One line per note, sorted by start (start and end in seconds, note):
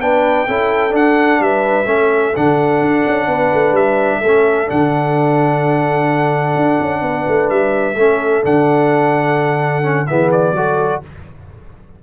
0.00 0.47 B3
0.00 0.48 D4
0.00 0.47 B4
0.00 0.95 G5
0.47 0.94 C#4
0.47 0.91 E4
0.47 1.41 A4
0.91 1.84 D4
0.91 1.40 D4
0.91 1.42 F#5
1.40 1.86 G3
1.40 1.90 B4
1.40 2.36 E5
1.86 2.33 A3
1.86 2.33 C#4
1.86 3.27 A4
2.36 2.81 D3
2.36 4.24 D4
2.36 3.76 F#5
2.81 3.05 D4
3.07 3.27 C#4
3.27 3.51 B3
3.27 4.18 B4
3.54 3.72 A3
3.72 4.19 G3
3.72 4.69 E5
4.18 4.70 A3
4.18 7.00 A4
4.26 4.67 C#4
4.67 6.56 D3
4.67 7.95 D4
4.67 7.50 F#5
6.56 6.79 D4
6.80 7.02 C#4
7.02 7.25 B3
7.02 7.98 B4
7.28 7.50 A3
7.50 7.96 G3
7.50 8.43 E5
7.96 8.42 A3
7.96 8.43 C#4
7.96 10.08 A4
8.43 10.09 D3
8.43 9.82 D4
8.43 10.07 F#5
9.82 10.06 C#4
10.07 10.52 E3
10.07 10.56 B3
10.07 10.55 G#4
10.07 10.30 E5
10.32 11.02 D5
10.52 10.99 F#3
10.52 11.03 F#4
10.52 11.03 A4